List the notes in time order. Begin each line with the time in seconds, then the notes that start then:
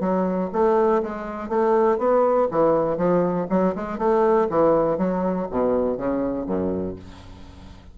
0.00 F#3
0.53 A3
1.03 G#3
1.49 A3
1.98 B3
2.51 E3
2.97 F3
3.50 F#3
3.75 G#3
3.98 A3
4.50 E3
4.98 F#3
5.50 B2
5.97 C#3
6.46 F#2